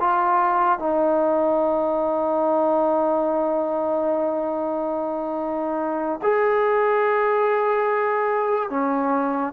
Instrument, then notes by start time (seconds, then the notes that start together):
trombone
0.00 F4
0.79 D#4
6.23 G#4
8.70 C#4